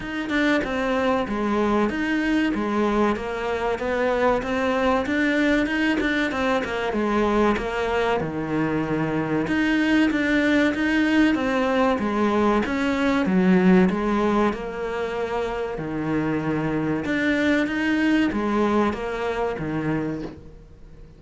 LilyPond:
\new Staff \with { instrumentName = "cello" } { \time 4/4 \tempo 4 = 95 dis'8 d'8 c'4 gis4 dis'4 | gis4 ais4 b4 c'4 | d'4 dis'8 d'8 c'8 ais8 gis4 | ais4 dis2 dis'4 |
d'4 dis'4 c'4 gis4 | cis'4 fis4 gis4 ais4~ | ais4 dis2 d'4 | dis'4 gis4 ais4 dis4 | }